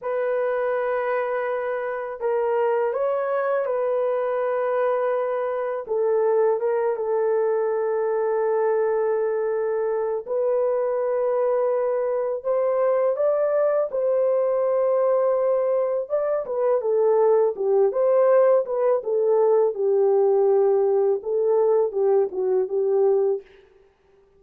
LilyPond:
\new Staff \with { instrumentName = "horn" } { \time 4/4 \tempo 4 = 82 b'2. ais'4 | cis''4 b'2. | a'4 ais'8 a'2~ a'8~ | a'2 b'2~ |
b'4 c''4 d''4 c''4~ | c''2 d''8 b'8 a'4 | g'8 c''4 b'8 a'4 g'4~ | g'4 a'4 g'8 fis'8 g'4 | }